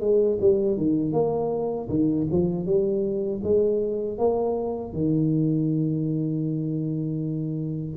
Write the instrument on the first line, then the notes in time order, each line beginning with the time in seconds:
tuba
0.00 G#3
0.40 G3
0.77 D#3
1.13 A#3
1.88 D#3
2.31 F3
2.65 G3
3.43 G#3
4.18 A#3
4.93 D#3